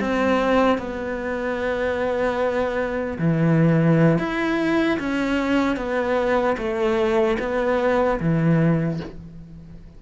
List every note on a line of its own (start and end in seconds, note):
0.00 0.78 C4
0.78 3.18 B3
3.18 4.18 E3
4.18 4.98 E4
4.99 5.76 C#4
5.76 6.56 B3
6.57 7.37 A3
7.39 8.19 B3
8.20 9.00 E3